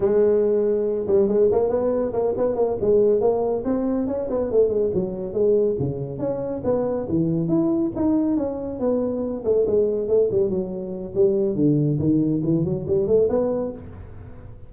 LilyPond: \new Staff \with { instrumentName = "tuba" } { \time 4/4 \tempo 4 = 140 gis2~ gis8 g8 gis8 ais8 | b4 ais8 b8 ais8 gis4 ais8~ | ais8 c'4 cis'8 b8 a8 gis8 fis8~ | fis8 gis4 cis4 cis'4 b8~ |
b8 e4 e'4 dis'4 cis'8~ | cis'8 b4. a8 gis4 a8 | g8 fis4. g4 d4 | dis4 e8 fis8 g8 a8 b4 | }